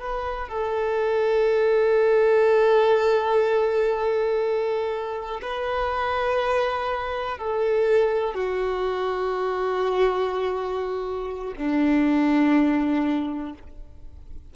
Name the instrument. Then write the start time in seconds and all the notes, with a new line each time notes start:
violin
0.00 B4
0.49 A4
5.42 B4
7.39 A4
8.35 F#4
11.57 D4